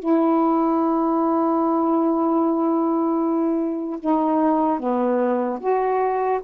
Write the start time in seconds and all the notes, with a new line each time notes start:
0.00 E4
4.00 D#4
4.80 B3
5.60 F#4